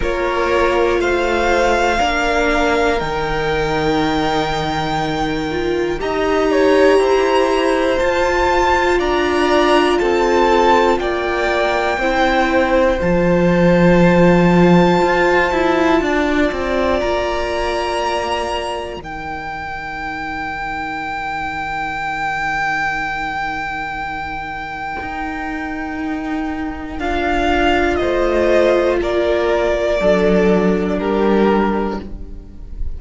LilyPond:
<<
  \new Staff \with { instrumentName = "violin" } { \time 4/4 \tempo 4 = 60 cis''4 f''2 g''4~ | g''2 ais''2 | a''4 ais''4 a''4 g''4~ | g''4 a''2.~ |
a''4 ais''2 g''4~ | g''1~ | g''2. f''4 | dis''4 d''2 ais'4 | }
  \new Staff \with { instrumentName = "violin" } { \time 4/4 ais'4 c''4 ais'2~ | ais'2 dis''8 cis''8 c''4~ | c''4 d''4 a'4 d''4 | c''1 |
d''2. ais'4~ | ais'1~ | ais'1 | c''4 ais'4 a'4 g'4 | }
  \new Staff \with { instrumentName = "viola" } { \time 4/4 f'2 d'4 dis'4~ | dis'4. f'8 g'2 | f'1 | e'4 f'2.~ |
f'2. dis'4~ | dis'1~ | dis'2. f'4~ | f'2 d'2 | }
  \new Staff \with { instrumentName = "cello" } { \time 4/4 ais4 a4 ais4 dis4~ | dis2 dis'4 e'4 | f'4 d'4 c'4 ais4 | c'4 f2 f'8 e'8 |
d'8 c'8 ais2 dis4~ | dis1~ | dis4 dis'2 d'4 | a4 ais4 fis4 g4 | }
>>